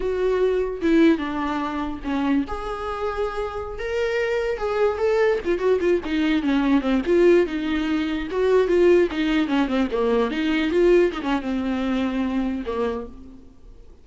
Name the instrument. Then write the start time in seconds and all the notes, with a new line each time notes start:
viola
0.00 F#4
0.81 E4
1.18 D4
2.04 C#4
2.47 G#4
3.78 A#4
4.57 G#4
4.98 A4
5.44 F4
5.58 F#4
5.80 F4
6.04 D#4
6.42 C#4
6.81 C4
7.06 F4
7.46 D#4
8.31 F#4
8.67 F4
9.11 D#4
9.47 C#4
9.67 C4
9.91 A#3
10.30 D#4
10.71 F4
11.12 D#4
11.22 C#4
11.41 C4
12.66 A#3